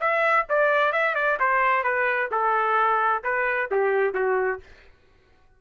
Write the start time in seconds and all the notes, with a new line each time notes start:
0.00 E5
0.49 D5
0.92 E5
1.15 D5
1.39 C5
1.83 B4
2.31 A4
3.23 B4
3.71 G4
4.14 F#4